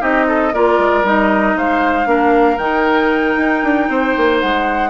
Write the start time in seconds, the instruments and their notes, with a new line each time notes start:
0.00 bassoon C4, clarinet D#4, oboe G4, flute D#5
0.28 oboe A4
0.52 bassoon A#3, clarinet F4, oboe A#4, flute D5
0.78 bassoon G#3
1.03 bassoon G3, clarinet D#4, flute D#5
1.55 bassoon G#3, oboe C5, flute F5
2.05 bassoon A#3, clarinet D4, oboe A#4
2.57 bassoon D#3, clarinet D#4, flute G5
3.37 bassoon D#4
3.63 bassoon D4
3.89 bassoon C4, oboe C5
4.17 bassoon A#3
4.39 bassoon G#3, flute F#5